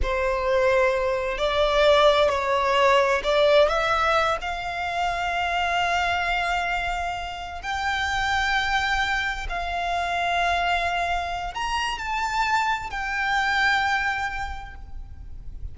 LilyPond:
\new Staff \with { instrumentName = "violin" } { \time 4/4 \tempo 4 = 130 c''2. d''4~ | d''4 cis''2 d''4 | e''4. f''2~ f''8~ | f''1~ |
f''8 g''2.~ g''8~ | g''8 f''2.~ f''8~ | f''4 ais''4 a''2 | g''1 | }